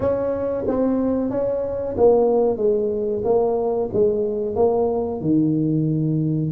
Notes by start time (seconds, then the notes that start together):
0.00 C#4
0.67 C4
1.30 C#4
1.97 A#3
2.57 G#3
3.24 A#3
3.93 G#3
4.55 A#3
5.20 D#3